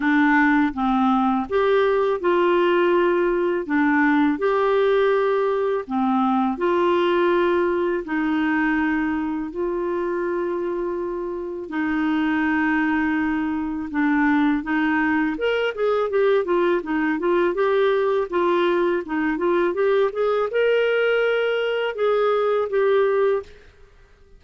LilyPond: \new Staff \with { instrumentName = "clarinet" } { \time 4/4 \tempo 4 = 82 d'4 c'4 g'4 f'4~ | f'4 d'4 g'2 | c'4 f'2 dis'4~ | dis'4 f'2. |
dis'2. d'4 | dis'4 ais'8 gis'8 g'8 f'8 dis'8 f'8 | g'4 f'4 dis'8 f'8 g'8 gis'8 | ais'2 gis'4 g'4 | }